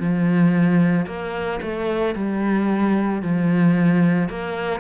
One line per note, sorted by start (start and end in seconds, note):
0.00 1.06 F3
1.06 1.60 A#3
1.62 2.15 A3
2.15 3.22 G3
3.22 4.29 F3
4.29 4.80 A#3